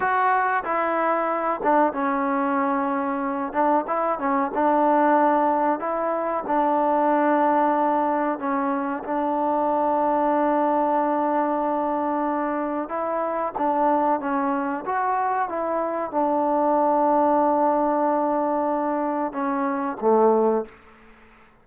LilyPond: \new Staff \with { instrumentName = "trombone" } { \time 4/4 \tempo 4 = 93 fis'4 e'4. d'8 cis'4~ | cis'4. d'8 e'8 cis'8 d'4~ | d'4 e'4 d'2~ | d'4 cis'4 d'2~ |
d'1 | e'4 d'4 cis'4 fis'4 | e'4 d'2.~ | d'2 cis'4 a4 | }